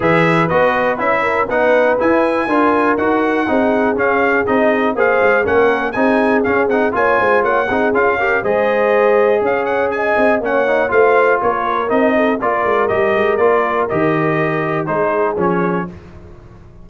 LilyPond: <<
  \new Staff \with { instrumentName = "trumpet" } { \time 4/4 \tempo 4 = 121 e''4 dis''4 e''4 fis''4 | gis''2 fis''2 | f''4 dis''4 f''4 fis''4 | gis''4 f''8 fis''8 gis''4 fis''4 |
f''4 dis''2 f''8 fis''8 | gis''4 fis''4 f''4 cis''4 | dis''4 d''4 dis''4 d''4 | dis''2 c''4 cis''4 | }
  \new Staff \with { instrumentName = "horn" } { \time 4/4 b'2~ b'8 ais'8 b'4~ | b'4 ais'2 gis'4~ | gis'2 c''4 ais'4 | gis'2 cis''8 c''8 cis''8 gis'8~ |
gis'8 ais'8 c''2 cis''4 | dis''4 cis''4 c''4 ais'4~ | ais'8 a'8 ais'2.~ | ais'2 gis'2 | }
  \new Staff \with { instrumentName = "trombone" } { \time 4/4 gis'4 fis'4 e'4 dis'4 | e'4 f'4 fis'4 dis'4 | cis'4 dis'4 gis'4 cis'4 | dis'4 cis'8 dis'8 f'4. dis'8 |
f'8 g'8 gis'2.~ | gis'4 cis'8 dis'8 f'2 | dis'4 f'4 g'4 f'4 | g'2 dis'4 cis'4 | }
  \new Staff \with { instrumentName = "tuba" } { \time 4/4 e4 b4 cis'4 b4 | e'4 d'4 dis'4 c'4 | cis'4 c'4 ais8 gis8 ais4 | c'4 cis'8 c'8 ais8 gis8 ais8 c'8 |
cis'4 gis2 cis'4~ | cis'8 c'8 ais4 a4 ais4 | c'4 ais8 gis8 g8 gis8 ais4 | dis2 gis4 f4 | }
>>